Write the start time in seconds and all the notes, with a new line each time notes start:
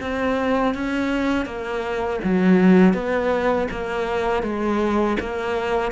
0.00 C4
0.74 C#4
1.45 A#3
2.24 F#3
2.93 B3
3.71 A#3
4.42 G#3
5.20 A#3